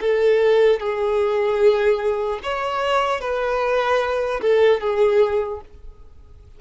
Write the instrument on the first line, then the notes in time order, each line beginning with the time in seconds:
violin
0.00 A4
0.80 G#4
2.43 C#5
3.20 B4
4.41 A4
4.80 G#4